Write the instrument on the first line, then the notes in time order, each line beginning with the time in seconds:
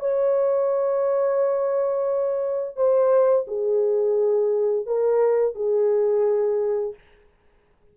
horn
0.00 C#5
2.76 C5
3.48 G#4
4.86 A#4
5.55 G#4